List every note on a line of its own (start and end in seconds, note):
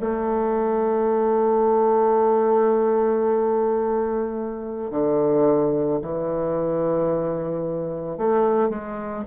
0.00 4.90 A3
4.90 6.00 D3
6.01 8.18 E3
8.18 8.69 A3
8.69 9.24 G#3